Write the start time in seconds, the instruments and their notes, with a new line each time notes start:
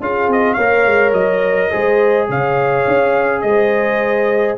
0.00 tuba C#4, trombone F4, horn G#4, trumpet F5
0.27 tuba C4, trumpet D#5
0.53 tuba A#3, horn C#5, trumpet F5
0.61 trombone A#4
0.85 tuba G#3
1.13 tuba F#3, trumpet D#5
1.71 tuba G#3, trombone G#4, horn C5
2.29 tuba C#3, horn C#5, trumpet F5
2.87 tuba C#4
3.41 tuba G#3, trumpet D#5
3.47 horn C5